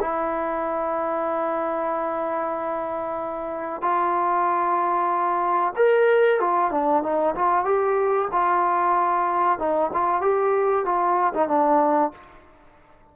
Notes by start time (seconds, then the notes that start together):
0.00 E4
3.82 F4
5.76 A#4
6.40 F4
6.71 D4
7.03 D#4
7.35 F4
7.65 G4
8.32 F4
9.59 D#4
9.93 F4
10.21 G4
10.85 F4
11.34 D#4
11.48 D4